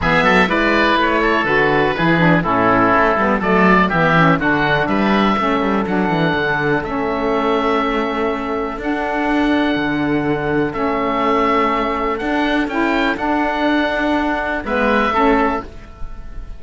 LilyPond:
<<
  \new Staff \with { instrumentName = "oboe" } { \time 4/4 \tempo 4 = 123 e''4 d''4 cis''4 b'4~ | b'4 a'2 d''4 | e''4 fis''4 e''2 | fis''2 e''2~ |
e''2 fis''2~ | fis''2 e''2~ | e''4 fis''4 g''4 fis''4~ | fis''2 e''2 | }
  \new Staff \with { instrumentName = "oboe" } { \time 4/4 gis'8 a'8 b'4. a'4. | gis'4 e'2 a'4 | g'4 fis'4 b'4 a'4~ | a'1~ |
a'1~ | a'1~ | a'1~ | a'2 b'4 a'4 | }
  \new Staff \with { instrumentName = "saxophone" } { \time 4/4 b4 e'2 fis'4 | e'8 d'8 cis'4. b8 a4 | b8 cis'8 d'2 cis'4 | d'2 cis'2~ |
cis'2 d'2~ | d'2 cis'2~ | cis'4 d'4 e'4 d'4~ | d'2 b4 cis'4 | }
  \new Staff \with { instrumentName = "cello" } { \time 4/4 e8 fis8 gis4 a4 d4 | e4 a,4 a8 g8 fis4 | e4 d4 g4 a8 g8 | fis8 e8 d4 a2~ |
a2 d'2 | d2 a2~ | a4 d'4 cis'4 d'4~ | d'2 gis4 a4 | }
>>